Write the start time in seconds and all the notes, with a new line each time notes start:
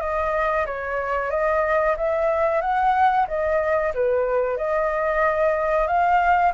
0.00 D#5
0.66 C#5
1.30 D#5
1.97 E5
2.61 F#5
3.27 D#5
3.94 B4
4.57 D#5
5.87 F5